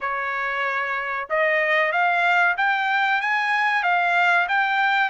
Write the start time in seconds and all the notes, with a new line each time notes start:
0.00 C#5
1.29 D#5
1.91 F5
2.57 G5
3.21 G#5
3.83 F5
4.48 G5